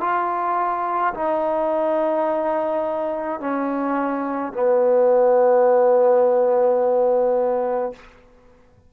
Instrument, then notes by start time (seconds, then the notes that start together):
trombone
0.00 F4
1.14 D#4
3.40 C#4
4.53 B3